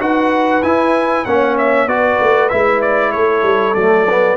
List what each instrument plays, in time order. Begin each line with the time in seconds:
0.00 tuba D#4, trombone F#4, horn B4, trumpet F#5
0.63 tuba E4, trombone E4, trumpet G#5
1.25 tuba A#3, trombone C#4, horn C#5, trumpet F#5
1.58 trumpet E5
1.87 tuba B3, trombone F#4, horn B4, trumpet D5
2.21 tuba A3
2.49 tuba G#3, trombone E4, trumpet E5
2.82 trumpet D5
3.12 tuba A3, horn A4, trumpet C#5
3.43 tuba G3
3.74 tuba F#3, trombone A3, trumpet D5
4.09 trombone B3